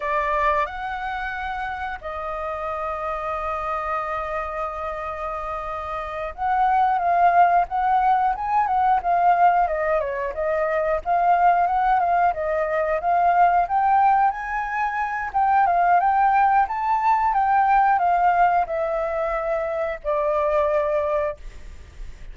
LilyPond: \new Staff \with { instrumentName = "flute" } { \time 4/4 \tempo 4 = 90 d''4 fis''2 dis''4~ | dis''1~ | dis''4. fis''4 f''4 fis''8~ | fis''8 gis''8 fis''8 f''4 dis''8 cis''8 dis''8~ |
dis''8 f''4 fis''8 f''8 dis''4 f''8~ | f''8 g''4 gis''4. g''8 f''8 | g''4 a''4 g''4 f''4 | e''2 d''2 | }